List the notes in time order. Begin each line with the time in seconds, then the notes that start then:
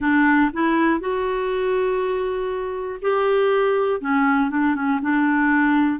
0.00 D4
0.53 E4
1.00 F#4
3.01 G4
4.00 C#4
4.50 D4
4.75 C#4
5.01 D4